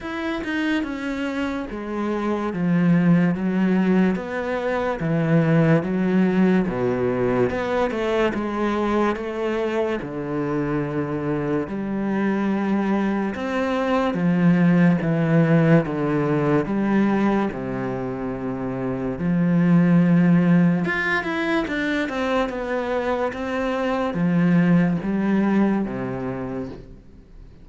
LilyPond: \new Staff \with { instrumentName = "cello" } { \time 4/4 \tempo 4 = 72 e'8 dis'8 cis'4 gis4 f4 | fis4 b4 e4 fis4 | b,4 b8 a8 gis4 a4 | d2 g2 |
c'4 f4 e4 d4 | g4 c2 f4~ | f4 f'8 e'8 d'8 c'8 b4 | c'4 f4 g4 c4 | }